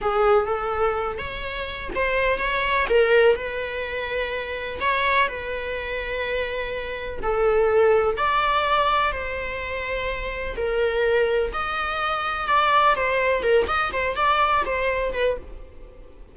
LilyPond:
\new Staff \with { instrumentName = "viola" } { \time 4/4 \tempo 4 = 125 gis'4 a'4. cis''4. | c''4 cis''4 ais'4 b'4~ | b'2 cis''4 b'4~ | b'2. a'4~ |
a'4 d''2 c''4~ | c''2 ais'2 | dis''2 d''4 c''4 | ais'8 dis''8 c''8 d''4 c''4 b'8 | }